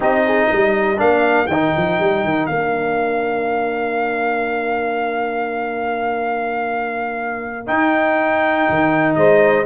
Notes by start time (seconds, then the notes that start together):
0.00 C4 D#4 G4 D#5
0.26 G#4
0.50 G3 A#4
0.96 A#3 D4 F5
1.46 D#3 D#4 G5
1.76 F3
1.99 G3
2.24 D#3
2.46 A#3 D4 F5
7.67 D#4 G5
8.69 D#3
9.15 G#3 C5 D#5